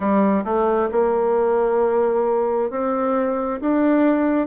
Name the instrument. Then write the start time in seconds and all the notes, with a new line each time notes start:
bassoon
0.00 G3
0.44 A3
0.91 A#3
2.70 C4
3.60 D4